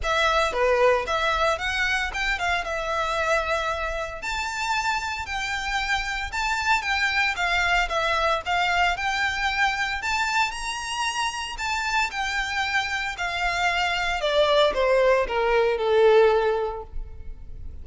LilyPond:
\new Staff \with { instrumentName = "violin" } { \time 4/4 \tempo 4 = 114 e''4 b'4 e''4 fis''4 | g''8 f''8 e''2. | a''2 g''2 | a''4 g''4 f''4 e''4 |
f''4 g''2 a''4 | ais''2 a''4 g''4~ | g''4 f''2 d''4 | c''4 ais'4 a'2 | }